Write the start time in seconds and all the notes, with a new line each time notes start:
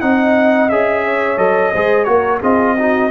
0.00 C4 D#4 D#5 F#5
0.69 C#4 G#4 E5
1.05 C#5
1.37 F#3 A4 D#5
1.72 G#3 G#4 C5
2.03 A#3 F#4 A#4 C#5
2.40 C4 F4 G#4 D#5
2.77 D#4 F#4